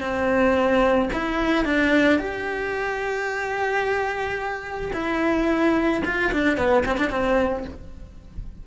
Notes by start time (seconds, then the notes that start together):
0.00 C4
1.13 E4
1.64 D4
2.19 G4
4.93 E4
6.04 F4
6.32 D4
6.57 B3
6.86 C4
6.97 D4
7.10 C4